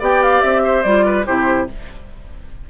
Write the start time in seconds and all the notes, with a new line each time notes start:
0.00 B3 G4 D5 G5
0.23 F5
0.42 C4 E5
0.65 C5
0.83 G3 F4 D5
1.06 B4
1.26 C3 E4 G4 C5